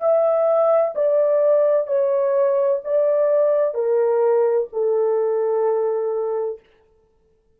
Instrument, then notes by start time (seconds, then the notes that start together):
horn
0.00 E5
0.95 D5
1.87 C#5
2.84 D5
3.74 A#4
4.72 A4